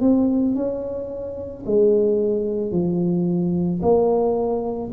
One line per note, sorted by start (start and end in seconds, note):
0.00 0.55 C4
0.55 1.64 C#4
1.66 2.71 G#3
2.71 3.80 F3
3.82 4.91 A#3